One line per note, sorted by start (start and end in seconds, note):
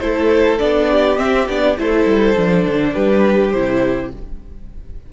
0.00 0.59 A3
0.00 0.59 E4
0.00 0.91 A4
0.00 0.59 C5
0.59 1.19 B3
0.59 1.17 D4
0.59 1.18 D5
0.91 1.79 G4
1.17 1.46 C4
1.17 1.48 C4
1.17 1.48 E5
1.48 1.78 B3
1.48 1.78 D4
1.48 1.78 D5
1.78 2.06 A3
1.78 2.37 E4
1.78 2.94 A4
1.78 2.94 C5
2.06 2.35 G3
2.37 2.66 F3
2.37 3.54 D4
2.66 2.95 D3
2.94 3.54 G3
2.94 4.11 G4
2.94 3.51 B4
3.51 4.13 C3
3.51 4.13 E4
3.51 4.10 C5